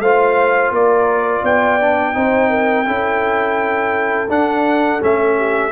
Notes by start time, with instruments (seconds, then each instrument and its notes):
0.00 tuba A3, trombone F4, horn C5, trumpet F5
0.71 tuba A#3, horn A#4, trumpet D5
1.42 tuba B3, horn D5, trumpet G5
1.81 trombone D4
2.14 tuba C4, trombone D#4, horn C5
2.50 horn A#4
2.86 tuba C#4, trombone E4, horn A4
4.29 tuba D4, trombone D4, trumpet F#5
5.00 tuba A3, trombone C#4, trumpet E5
5.37 horn G4